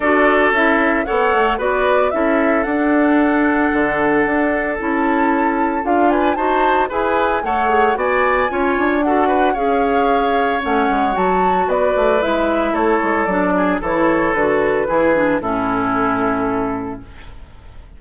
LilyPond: <<
  \new Staff \with { instrumentName = "flute" } { \time 4/4 \tempo 4 = 113 d''4 e''4 fis''4 d''4 | e''4 fis''2.~ | fis''4 a''2 f''8 gis''8 | a''4 gis''4 fis''4 gis''4~ |
gis''4 fis''4 f''2 | fis''4 a''4 d''4 e''4 | cis''4 d''4 cis''4 b'4~ | b'4 a'2. | }
  \new Staff \with { instrumentName = "oboe" } { \time 4/4 a'2 cis''4 b'4 | a'1~ | a'2.~ a'8 b'8 | c''4 b'4 cis''4 d''4 |
cis''4 a'8 b'8 cis''2~ | cis''2 b'2 | a'4. gis'8 a'2 | gis'4 e'2. | }
  \new Staff \with { instrumentName = "clarinet" } { \time 4/4 fis'4 e'4 a'4 fis'4 | e'4 d'2.~ | d'4 e'2 f'4 | fis'4 gis'4 a'8 gis'8 fis'4 |
f'4 fis'4 gis'2 | cis'4 fis'2 e'4~ | e'4 d'4 e'4 fis'4 | e'8 d'8 cis'2. | }
  \new Staff \with { instrumentName = "bassoon" } { \time 4/4 d'4 cis'4 b8 a8 b4 | cis'4 d'2 d4 | d'4 cis'2 d'4 | dis'4 e'4 a4 b4 |
cis'8 d'4. cis'2 | a8 gis8 fis4 b8 a8 gis4 | a8 gis8 fis4 e4 d4 | e4 a,2. | }
>>